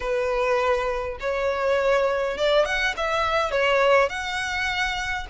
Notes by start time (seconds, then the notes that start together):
0.00 B4
1.20 C#5
2.37 D5
2.65 F#5
2.96 E5
3.51 C#5
4.09 F#5